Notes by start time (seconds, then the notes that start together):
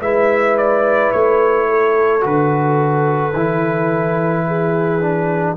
0.00 G#3 E4 B4 E5
0.57 D5
1.12 A3 C#5
1.69 A4
2.21 D3 F#4 B4
3.33 E3 E4
4.47 G#4
5.01 D4